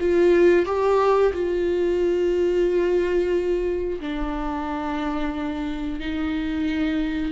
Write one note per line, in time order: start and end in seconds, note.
0.00 0.66 F4
0.66 1.32 G4
1.33 4.00 F4
4.01 6.00 D4
6.00 7.32 D#4